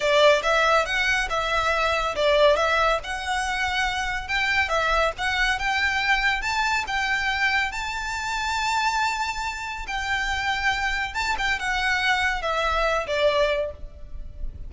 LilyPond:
\new Staff \with { instrumentName = "violin" } { \time 4/4 \tempo 4 = 140 d''4 e''4 fis''4 e''4~ | e''4 d''4 e''4 fis''4~ | fis''2 g''4 e''4 | fis''4 g''2 a''4 |
g''2 a''2~ | a''2. g''4~ | g''2 a''8 g''8 fis''4~ | fis''4 e''4. d''4. | }